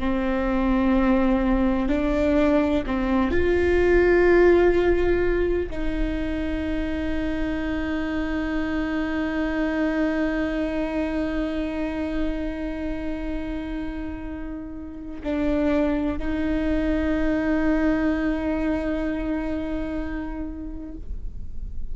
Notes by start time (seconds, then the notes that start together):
0.00 C4
1.89 D4
2.87 C4
3.31 F4
5.70 D#4
15.24 D4
16.19 D#4